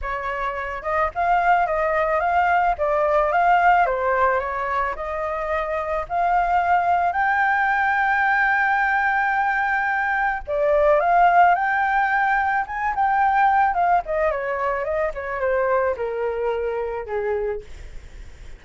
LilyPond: \new Staff \with { instrumentName = "flute" } { \time 4/4 \tempo 4 = 109 cis''4. dis''8 f''4 dis''4 | f''4 d''4 f''4 c''4 | cis''4 dis''2 f''4~ | f''4 g''2.~ |
g''2. d''4 | f''4 g''2 gis''8 g''8~ | g''4 f''8 dis''8 cis''4 dis''8 cis''8 | c''4 ais'2 gis'4 | }